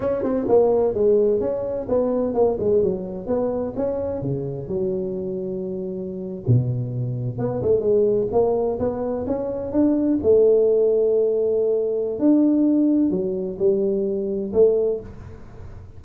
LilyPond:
\new Staff \with { instrumentName = "tuba" } { \time 4/4 \tempo 4 = 128 cis'8 c'8 ais4 gis4 cis'4 | b4 ais8 gis8 fis4 b4 | cis'4 cis4 fis2~ | fis4.~ fis16 b,2 b16~ |
b16 a8 gis4 ais4 b4 cis'16~ | cis'8. d'4 a2~ a16~ | a2 d'2 | fis4 g2 a4 | }